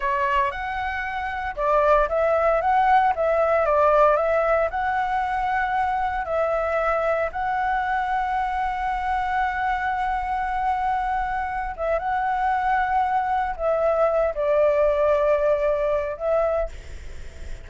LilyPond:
\new Staff \with { instrumentName = "flute" } { \time 4/4 \tempo 4 = 115 cis''4 fis''2 d''4 | e''4 fis''4 e''4 d''4 | e''4 fis''2. | e''2 fis''2~ |
fis''1~ | fis''2~ fis''8 e''8 fis''4~ | fis''2 e''4. d''8~ | d''2. e''4 | }